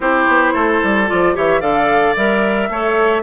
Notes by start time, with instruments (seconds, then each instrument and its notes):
0.00 bassoon C4, clarinet E4, oboe G4, flute C5
0.27 bassoon B3
0.53 bassoon A3, oboe A4
0.83 bassoon G3
1.07 bassoon F3, clarinet F4, flute D5
1.34 bassoon E3, clarinet G4, oboe C#5, flute E5
1.60 bassoon D3, clarinet A4, oboe D5, flute F5
2.16 bassoon G3, clarinet A#4, flute E5
2.69 bassoon A3, clarinet A4, oboe C#5